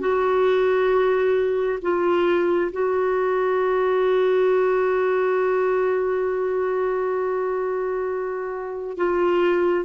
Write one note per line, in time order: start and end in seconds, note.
0.00 1.79 F#4
1.82 2.71 F4
2.72 8.97 F#4
8.97 9.85 F4